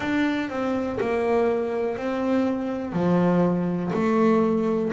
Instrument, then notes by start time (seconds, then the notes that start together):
double bass
0.00 D4
0.49 C4
1.00 A#3
1.96 C4
2.92 F3
3.93 A3